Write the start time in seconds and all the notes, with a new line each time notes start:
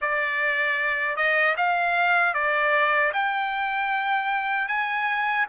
0.01 D5
1.16 D#5
1.57 F5
2.34 D5
3.13 G5
4.68 G#5